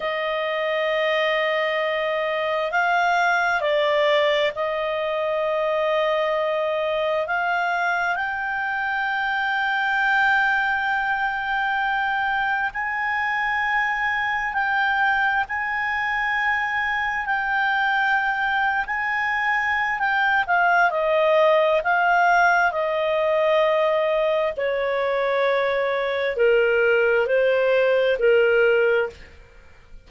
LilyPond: \new Staff \with { instrumentName = "clarinet" } { \time 4/4 \tempo 4 = 66 dis''2. f''4 | d''4 dis''2. | f''4 g''2.~ | g''2 gis''2 |
g''4 gis''2 g''4~ | g''8. gis''4~ gis''16 g''8 f''8 dis''4 | f''4 dis''2 cis''4~ | cis''4 ais'4 c''4 ais'4 | }